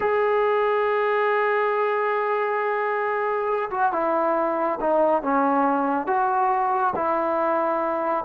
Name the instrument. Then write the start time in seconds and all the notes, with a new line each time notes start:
trombone
0.00 G#4
3.70 F#4
3.92 E4
4.80 D#4
5.22 C#4
6.07 F#4
6.95 E4